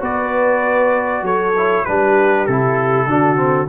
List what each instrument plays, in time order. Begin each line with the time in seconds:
0.00 tuba B3, trombone F#4, horn B4, trumpet D5
1.22 tuba F#3, horn A4, trumpet C#5
1.57 trombone E4
1.85 tuba G3, trombone D4, horn G4, trumpet B4
2.46 tuba C3, trombone E4, trumpet A4
3.07 tuba D3, trombone D4, horn F#4
3.36 trombone C4